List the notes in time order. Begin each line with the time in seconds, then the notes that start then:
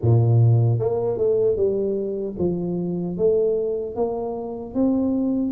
0.01 A#2
0.79 A#3
1.17 A3
1.56 G3
2.38 F3
3.17 A3
3.95 A#3
4.74 C4